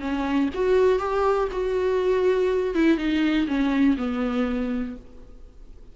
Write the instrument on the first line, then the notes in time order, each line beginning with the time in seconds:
viola
0.00 C#4
0.54 F#4
0.99 G4
1.51 F#4
2.75 E4
2.97 D#4
3.47 C#4
3.97 B3